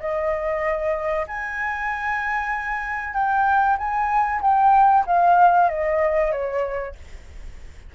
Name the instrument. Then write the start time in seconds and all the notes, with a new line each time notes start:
flute
0.00 D#5
1.28 G#5
3.14 G5
3.78 G#5
4.42 G5
5.07 F5
5.69 D#5
6.32 C#5